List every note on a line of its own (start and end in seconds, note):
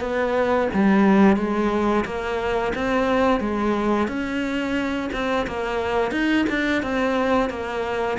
0.00 0.68 B3
0.73 1.36 G3
1.36 2.04 G#3
2.05 2.73 A#3
2.75 3.40 C4
3.40 4.08 G#3
4.08 5.10 C#4
5.12 5.46 C4
5.46 6.11 A#3
6.11 6.45 D#4
6.49 6.82 D4
6.82 7.49 C4
7.49 8.17 A#3